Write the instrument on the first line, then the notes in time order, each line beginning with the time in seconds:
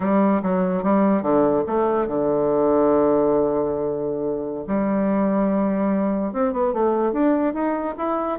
bassoon
0.00 G3
0.42 F#3
0.83 G3
1.22 D3
1.66 A3
2.07 D3
4.67 G3
6.32 C4
6.52 B3
6.73 A3
7.12 D4
7.53 D#4
7.97 E4